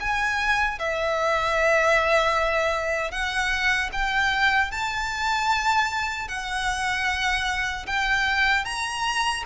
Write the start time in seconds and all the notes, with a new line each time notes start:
0.00 G#5
0.79 E5
3.11 F#5
3.93 G5
4.72 A5
6.28 F#5
7.87 G5
8.65 A#5